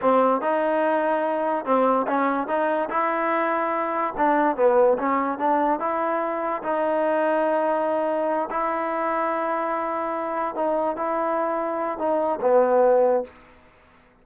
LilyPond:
\new Staff \with { instrumentName = "trombone" } { \time 4/4 \tempo 4 = 145 c'4 dis'2. | c'4 cis'4 dis'4 e'4~ | e'2 d'4 b4 | cis'4 d'4 e'2 |
dis'1~ | dis'8 e'2.~ e'8~ | e'4. dis'4 e'4.~ | e'4 dis'4 b2 | }